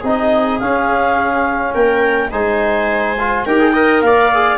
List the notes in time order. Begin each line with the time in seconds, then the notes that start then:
0.00 C4 D#4 G#4
0.06 D#5
0.60 C#4 F5
1.74 A#3 A#4 G5
2.32 G#3 D#4 C5 G#5
3.19 F4
3.46 D#4 G4 A#4 G5
3.60 G#4
3.74 A#4 D#5
4.02 A#3 D5 F5
4.35 G#4